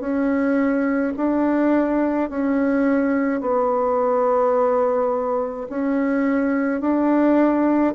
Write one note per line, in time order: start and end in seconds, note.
0.00 1.13 C#4
1.17 2.30 D4
2.30 3.41 C#4
3.41 5.67 B3
5.70 6.81 C#4
6.81 7.94 D4